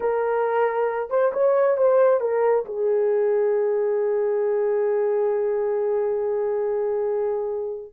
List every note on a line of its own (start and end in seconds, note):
0.00 1.09 A#4
1.09 1.32 C5
1.33 1.77 C#5
1.77 2.20 C5
2.20 2.64 A#4
2.65 7.93 G#4